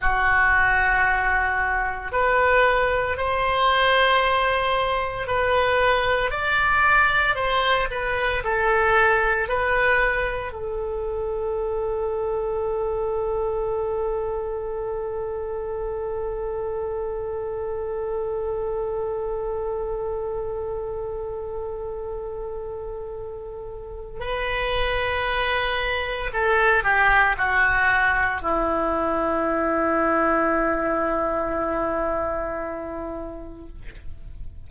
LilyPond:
\new Staff \with { instrumentName = "oboe" } { \time 4/4 \tempo 4 = 57 fis'2 b'4 c''4~ | c''4 b'4 d''4 c''8 b'8 | a'4 b'4 a'2~ | a'1~ |
a'1~ | a'2. b'4~ | b'4 a'8 g'8 fis'4 e'4~ | e'1 | }